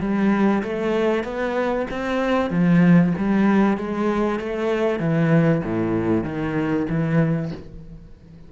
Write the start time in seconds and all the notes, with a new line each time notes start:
0.00 G3
0.63 A3
1.24 B3
1.91 C4
2.50 F3
3.18 G3
3.77 G#3
4.39 A3
4.99 E3
5.64 A2
6.24 D#3
6.89 E3